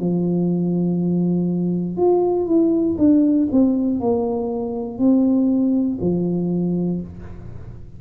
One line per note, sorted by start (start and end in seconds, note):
0.00 1.97 F3
1.97 2.47 F4
2.47 2.97 E4
2.98 3.48 D4
3.52 4.00 C4
4.00 4.99 A#3
4.99 5.99 C4
6.01 7.01 F3